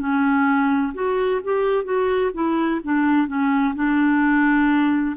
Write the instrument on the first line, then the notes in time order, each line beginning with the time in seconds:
clarinet
0.00 C#4
0.95 F#4
1.44 G4
1.85 F#4
2.34 E4
2.84 D4
3.28 C#4
3.75 D4